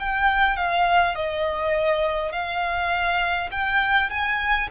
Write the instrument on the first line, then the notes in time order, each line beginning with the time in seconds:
violin
0.00 G5
0.57 F5
1.16 D#5
2.33 F5
3.51 G5
4.10 G#5